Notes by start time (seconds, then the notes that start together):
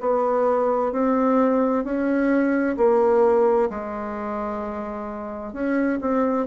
0.00 B3
0.92 C4
1.84 C#4
2.77 A#3
3.70 G#3
5.53 C#4
6.01 C4